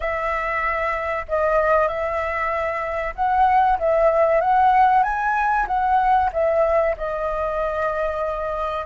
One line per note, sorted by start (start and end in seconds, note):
0.00 1.25 E5
1.28 1.88 D#5
1.88 3.14 E5
3.15 3.78 F#5
3.79 4.40 E5
4.40 5.03 F#5
5.03 5.66 G#5
5.67 6.30 F#5
6.32 6.95 E5
6.97 8.85 D#5